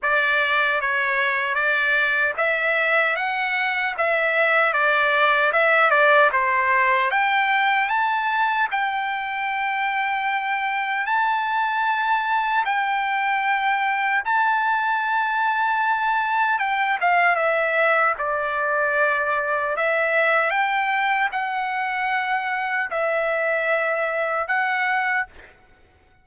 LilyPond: \new Staff \with { instrumentName = "trumpet" } { \time 4/4 \tempo 4 = 76 d''4 cis''4 d''4 e''4 | fis''4 e''4 d''4 e''8 d''8 | c''4 g''4 a''4 g''4~ | g''2 a''2 |
g''2 a''2~ | a''4 g''8 f''8 e''4 d''4~ | d''4 e''4 g''4 fis''4~ | fis''4 e''2 fis''4 | }